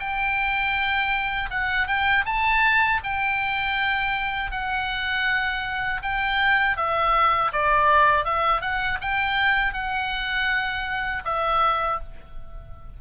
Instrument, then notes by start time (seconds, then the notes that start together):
oboe
0.00 G5
1.51 F#5
1.88 G5
2.26 A5
3.04 G5
4.51 F#5
6.03 G5
6.77 E5
7.53 D5
8.25 E5
8.61 F#5
9.01 G5
9.74 F#5
11.25 E5